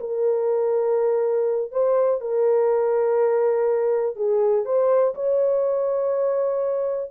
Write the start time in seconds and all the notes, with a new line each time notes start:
0.00 A#4
1.72 C5
2.21 A#4
4.16 G#4
4.65 C5
5.15 C#5